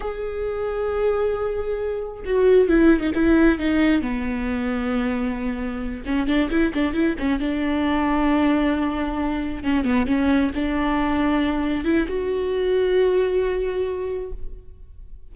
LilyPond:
\new Staff \with { instrumentName = "viola" } { \time 4/4 \tempo 4 = 134 gis'1~ | gis'4 fis'4 e'8. dis'16 e'4 | dis'4 b2.~ | b4. cis'8 d'8 e'8 d'8 e'8 |
cis'8 d'2.~ d'8~ | d'4. cis'8 b8 cis'4 d'8~ | d'2~ d'8 e'8 fis'4~ | fis'1 | }